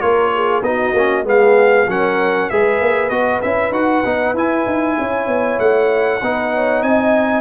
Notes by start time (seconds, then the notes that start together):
0.00 A#3 F4 A#4 C#5
0.34 G#4
0.61 B3 D#4 F#4 D#5
0.93 A#3 C#4
1.23 G#3 B3 G#4 F5
1.87 F#3 C#4 A#4 F#5
2.49 G#3 G#4 B4 E5
2.80 A#3
3.09 B3 F#4 D#5
3.41 C#4 E4 E5
3.70 D#4 F#4 F#5
4.05 B3 D#4
4.34 E4 G#5
4.66 D#4
4.98 C#4 C#5
5.27 B3
5.59 A3 F#5
6.22 B3 D#4 B4
6.54 C#5
6.82 C4 D#5 G#5